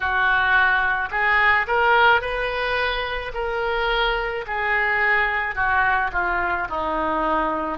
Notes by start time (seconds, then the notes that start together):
0.00 F#4
1.11 G#4
1.67 A#4
2.21 B4
3.33 A#4
4.46 G#4
5.55 F#4
6.12 F4
6.69 D#4